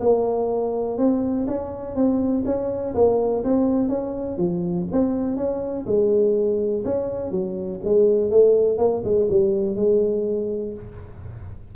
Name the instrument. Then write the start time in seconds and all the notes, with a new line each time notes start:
tuba
0.00 A#3
0.97 C4
1.47 C#4
1.95 C4
2.45 C#4
2.94 A#3
3.43 C4
3.88 C#4
4.37 F3
4.91 C4
5.36 C#4
5.86 G#3
6.84 C#4
7.31 F#3
7.84 G#3
8.30 A3
8.77 A#3
9.04 G#3
9.30 G3
9.76 G#3